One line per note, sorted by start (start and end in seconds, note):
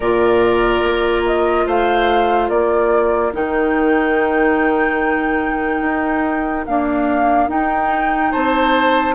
0.00 0.82 A#2
0.00 3.32 F4
0.00 1.64 A#4
0.00 1.23 D5
0.82 1.66 A#3
1.26 1.67 D#5
1.66 2.49 A3
1.66 2.50 C5
1.66 2.49 F5
2.49 3.32 A#3
2.49 8.31 A#4
2.49 3.32 D5
3.32 5.81 D#3
3.32 6.66 D#4
3.32 6.66 G5
5.81 6.64 D#4
6.66 7.48 A#3
6.66 7.48 D4
6.66 7.49 F5
7.48 8.32 D#4
7.48 9.15 D#4
7.48 8.32 G5
8.31 9.15 C4
8.31 9.15 C5
8.31 9.15 A5